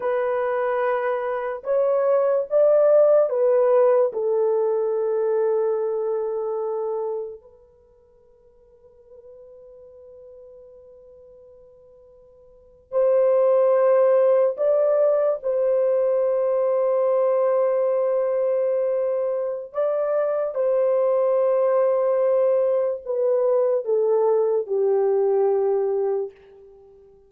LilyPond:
\new Staff \with { instrumentName = "horn" } { \time 4/4 \tempo 4 = 73 b'2 cis''4 d''4 | b'4 a'2.~ | a'4 b'2.~ | b'2.~ b'8. c''16~ |
c''4.~ c''16 d''4 c''4~ c''16~ | c''1 | d''4 c''2. | b'4 a'4 g'2 | }